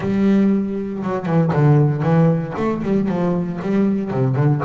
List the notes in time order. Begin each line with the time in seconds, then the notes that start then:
0.00 G3
1.03 F#3
1.26 E3
1.52 D3
2.02 E3
2.56 A3
2.82 G3
3.08 F3
3.62 G3
4.10 C3
4.35 D3